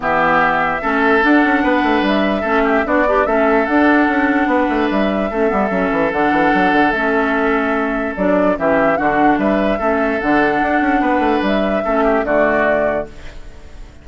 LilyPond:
<<
  \new Staff \with { instrumentName = "flute" } { \time 4/4 \tempo 4 = 147 e''2. fis''4~ | fis''4 e''2 d''4 | e''4 fis''2. | e''2. fis''4~ |
fis''4 e''2. | d''4 e''4 fis''4 e''4~ | e''4 fis''2. | e''2 d''2 | }
  \new Staff \with { instrumentName = "oboe" } { \time 4/4 g'2 a'2 | b'2 a'8 g'8 fis'8 d'8 | a'2. b'4~ | b'4 a'2.~ |
a'1~ | a'4 g'4 fis'4 b'4 | a'2. b'4~ | b'4 a'8 g'8 fis'2 | }
  \new Staff \with { instrumentName = "clarinet" } { \time 4/4 b2 cis'4 d'4~ | d'2 cis'4 d'8 g'8 | cis'4 d'2.~ | d'4 cis'8 b8 cis'4 d'4~ |
d'4 cis'2. | d'4 cis'4 d'2 | cis'4 d'2.~ | d'4 cis'4 a2 | }
  \new Staff \with { instrumentName = "bassoon" } { \time 4/4 e2 a4 d'8 cis'8 | b8 a8 g4 a4 b4 | a4 d'4 cis'4 b8 a8 | g4 a8 g8 fis8 e8 d8 e8 |
fis8 d8 a2. | fis4 e4 d4 g4 | a4 d4 d'8 cis'8 b8 a8 | g4 a4 d2 | }
>>